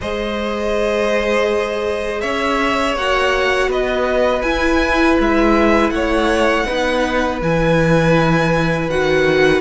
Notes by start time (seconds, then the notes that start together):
0.01 G#3 G#4 C5 D#5
2.21 C#4 C#5 E5
2.95 A#3 F#4 F#5
3.68 B3 B4 D#5
4.42 E4 G#5
5.19 G#3 E5
5.90 A3 C#5 F#5
6.65 B3 D#4 B4
7.41 E3 E4 G#5
8.88 D#3 F#4 F#5